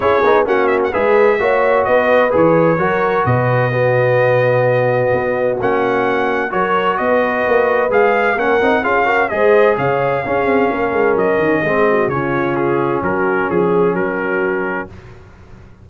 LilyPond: <<
  \new Staff \with { instrumentName = "trumpet" } { \time 4/4 \tempo 4 = 129 cis''4 fis''8 e''16 fis''16 e''2 | dis''4 cis''2 dis''4~ | dis''1 | fis''2 cis''4 dis''4~ |
dis''4 f''4 fis''4 f''4 | dis''4 f''2. | dis''2 cis''4 gis'4 | ais'4 gis'4 ais'2 | }
  \new Staff \with { instrumentName = "horn" } { \time 4/4 gis'4 fis'4 b'4 cis''4 | b'2 ais'4 b'4 | fis'1~ | fis'2 ais'4 b'4~ |
b'2 ais'4 gis'8 ais'8 | c''4 cis''4 gis'4 ais'4~ | ais'4 gis'8 fis'8 f'2 | fis'4 gis'4 fis'2 | }
  \new Staff \with { instrumentName = "trombone" } { \time 4/4 e'8 dis'8 cis'4 gis'4 fis'4~ | fis'4 gis'4 fis'2 | b1 | cis'2 fis'2~ |
fis'4 gis'4 cis'8 dis'8 f'8 fis'8 | gis'2 cis'2~ | cis'4 c'4 cis'2~ | cis'1 | }
  \new Staff \with { instrumentName = "tuba" } { \time 4/4 cis'8 b8 ais4 gis4 ais4 | b4 e4 fis4 b,4~ | b,2. b4 | ais2 fis4 b4 |
ais4 gis4 ais8 c'8 cis'4 | gis4 cis4 cis'8 c'8 ais8 gis8 | fis8 dis8 gis4 cis2 | fis4 f4 fis2 | }
>>